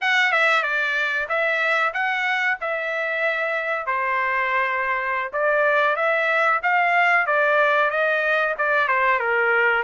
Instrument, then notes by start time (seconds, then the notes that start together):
trumpet
0.01 F#5
0.32 E5
0.62 D5
1.28 E5
1.93 F#5
2.60 E5
3.86 C5
5.32 D5
5.96 E5
6.62 F5
7.26 D5
7.90 D#5
8.58 D5
8.87 C5
9.19 A#4